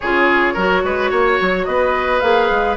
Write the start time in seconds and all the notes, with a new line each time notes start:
0.00 C#3 F4 G#4 C#5
0.53 F#3 F#4 A#4
0.83 G#3 B4
1.10 A#3 C#5
1.40 F#3
1.64 B3 B4 D#5
2.19 A#3 G#4 F5
2.50 G#3